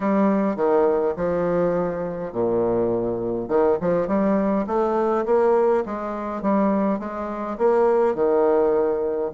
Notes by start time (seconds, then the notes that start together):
0.00 G3
0.56 D#3
1.16 F3
2.32 A#2
3.48 D#3
3.80 F3
4.07 G3
4.67 A3
5.25 A#3
5.85 G#3
6.42 G3
6.99 G#3
7.58 A#3
8.14 D#3